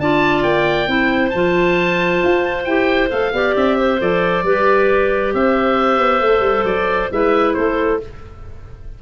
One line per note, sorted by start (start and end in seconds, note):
0.00 0.44 D4
0.00 0.87 F4
0.00 0.89 D5
0.00 0.43 A5
0.43 0.88 A#3
0.43 1.30 G5
0.87 1.32 C4
0.87 1.32 E4
0.87 3.34 C5
1.30 2.23 F3
1.30 2.68 F4
1.30 2.64 A5
2.24 2.67 F4
2.65 3.12 E4
2.65 3.09 G4
2.65 3.09 G5
3.09 3.33 A3
3.09 3.32 A4
3.09 3.56 F5
3.33 3.55 B3
3.33 4.00 G4
3.33 3.77 D5
3.57 4.01 C4
3.57 4.01 E5
3.77 4.44 C5
4.00 4.44 F3
4.00 4.44 A4
4.00 5.35 D5
4.44 5.32 G3
4.44 6.23 G4
4.44 5.34 B4
5.34 5.99 C4
5.34 7.13 C5
5.34 6.65 E5
5.99 6.21 B3
6.21 6.40 A3
6.21 7.12 A4
6.40 6.62 G3
6.64 7.09 F#3
6.64 7.10 D5
7.12 7.57 G#3
7.12 8.00 E4
7.12 7.56 B4
7.12 7.54 E5
7.54 8.02 A3
7.54 8.01 A4
7.54 7.98 C5